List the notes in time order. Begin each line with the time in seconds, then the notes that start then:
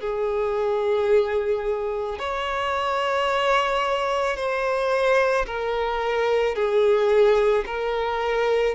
0.00 G#4
2.18 C#5
4.36 C5
5.45 A#4
6.55 G#4
7.66 A#4